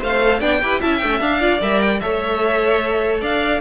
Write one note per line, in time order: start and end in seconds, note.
0.00 0.41 A3
0.00 0.20 C5
0.00 0.40 C5
0.00 0.41 F5
0.22 0.41 A4
0.40 0.61 B3
0.40 0.61 D4
0.40 0.60 D5
0.40 0.81 G5
0.63 0.83 E4
0.63 0.82 G4
0.63 0.80 B4
0.80 1.03 C#4
0.80 1.02 E4
0.80 1.40 E5
0.80 0.98 A5
0.98 1.21 A3
0.98 1.10 D4
0.98 1.18 G5
1.10 1.20 C#4
1.21 1.61 D4
1.21 1.40 D4
1.21 1.62 F5
1.40 1.60 F4
1.40 2.00 D5
1.61 2.02 G3
1.61 2.01 A#4
1.61 1.82 E5
1.82 2.00 G5
2.00 3.22 A3
2.00 3.61 A4
2.00 3.21 C#5
2.00 3.20 E5
3.21 3.61 D4
3.21 3.61 D5
3.21 3.61 F5